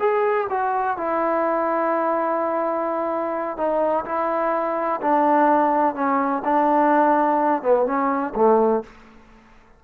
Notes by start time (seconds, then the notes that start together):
0.00 G#4
0.50 F#4
0.98 E4
3.58 D#4
4.06 E4
5.02 D4
5.95 C#4
6.45 D4
7.63 B3
7.87 C#4
8.36 A3